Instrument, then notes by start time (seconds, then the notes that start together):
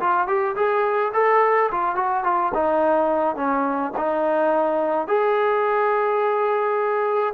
trombone
0.00 F4
0.27 G4
0.56 G#4
1.14 A4
1.71 F4
1.96 F#4
2.24 F4
2.54 D#4
3.36 C#4
3.97 D#4
5.08 G#4